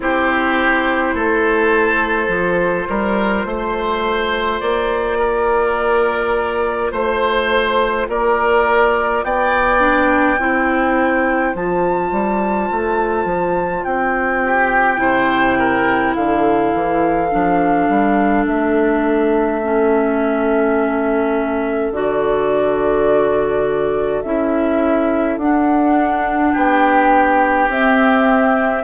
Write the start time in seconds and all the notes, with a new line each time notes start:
0.00 C4 E4 G4 C5
1.14 A3 A4
2.27 F3 F4
2.89 G3 A#4
3.45 A3 C5
4.60 A#3 D5
5.18 A#4
6.91 A3 C5
8.08 A#3 A#4 D5
9.23 B3 D5 G5
9.78 D4
10.38 C4 E4 C5
11.54 F3 F4 A5
12.11 G3
12.71 A3
13.25 F3
13.83 C4 G5
14.43 G4
14.96 C3 E4 C5
15.58 A#4
16.14 D3 A4 F5
16.73 E3
17.31 F3 D4
17.88 G3
18.45 A3 E5
19.62 C#4
21.91 D3 F#4 D5
24.22 C#4 E4 E5
25.37 D4 F#5
26.52 B3 G4 G5
27.68 C4 E5